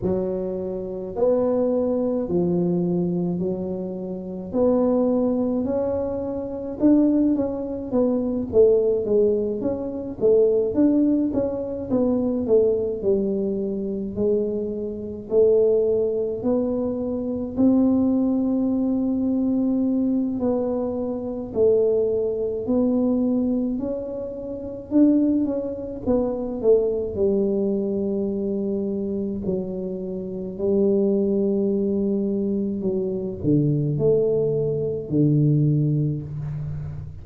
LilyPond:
\new Staff \with { instrumentName = "tuba" } { \time 4/4 \tempo 4 = 53 fis4 b4 f4 fis4 | b4 cis'4 d'8 cis'8 b8 a8 | gis8 cis'8 a8 d'8 cis'8 b8 a8 g8~ | g8 gis4 a4 b4 c'8~ |
c'2 b4 a4 | b4 cis'4 d'8 cis'8 b8 a8 | g2 fis4 g4~ | g4 fis8 d8 a4 d4 | }